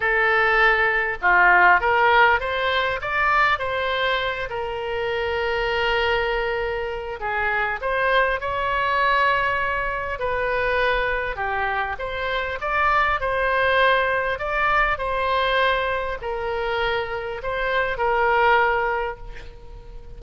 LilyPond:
\new Staff \with { instrumentName = "oboe" } { \time 4/4 \tempo 4 = 100 a'2 f'4 ais'4 | c''4 d''4 c''4. ais'8~ | ais'1 | gis'4 c''4 cis''2~ |
cis''4 b'2 g'4 | c''4 d''4 c''2 | d''4 c''2 ais'4~ | ais'4 c''4 ais'2 | }